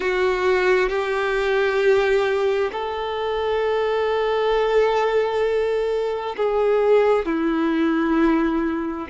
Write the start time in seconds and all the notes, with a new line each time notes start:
0.00 F#4
0.88 G4
2.72 A4
6.36 G#4
7.25 E4